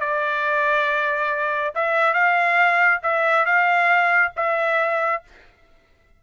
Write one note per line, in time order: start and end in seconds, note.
0.00 1.74 D5
1.75 2.14 E5
2.14 3.01 F5
3.03 3.46 E5
3.46 4.33 F5
4.36 5.23 E5